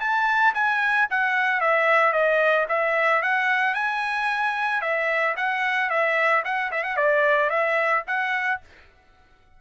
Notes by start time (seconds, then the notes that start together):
0.00 A5
0.54 G#5
1.10 F#5
1.60 E5
2.12 D#5
2.68 E5
3.22 F#5
3.74 G#5
4.81 E5
5.36 F#5
5.89 E5
6.44 F#5
6.71 E5
6.83 F#5
6.96 D5
7.49 E5
8.07 F#5